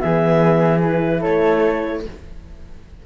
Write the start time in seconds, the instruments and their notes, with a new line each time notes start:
0.00 cello E3, horn B3, flute G#4, clarinet E5
0.83 horn E4, clarinet B4
1.21 cello A3, flute A4, clarinet C#5